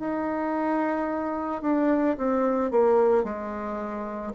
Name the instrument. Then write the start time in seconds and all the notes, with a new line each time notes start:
bassoon
0.00 D#4
1.63 D4
2.18 C4
2.71 A#3
3.24 G#3